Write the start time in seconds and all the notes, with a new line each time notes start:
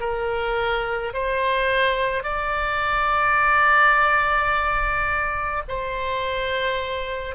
0.00 A#4
1.14 C5
2.24 D5
5.68 C5